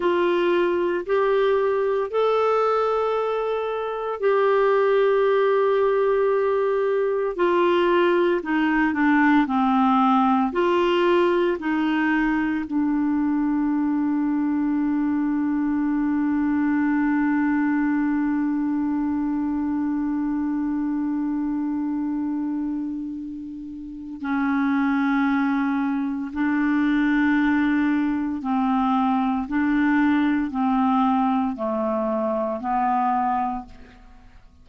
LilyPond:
\new Staff \with { instrumentName = "clarinet" } { \time 4/4 \tempo 4 = 57 f'4 g'4 a'2 | g'2. f'4 | dis'8 d'8 c'4 f'4 dis'4 | d'1~ |
d'1~ | d'2. cis'4~ | cis'4 d'2 c'4 | d'4 c'4 a4 b4 | }